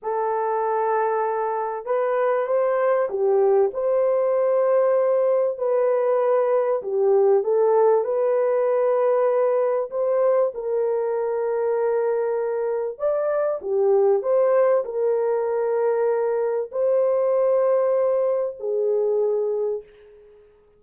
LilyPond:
\new Staff \with { instrumentName = "horn" } { \time 4/4 \tempo 4 = 97 a'2. b'4 | c''4 g'4 c''2~ | c''4 b'2 g'4 | a'4 b'2. |
c''4 ais'2.~ | ais'4 d''4 g'4 c''4 | ais'2. c''4~ | c''2 gis'2 | }